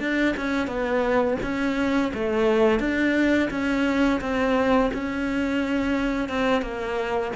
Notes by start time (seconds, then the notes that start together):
0.00 D4
0.37 C#4
0.68 B3
1.43 C#4
2.14 A3
2.79 D4
3.51 C#4
4.21 C4
4.94 C#4
6.29 C4
6.62 A#3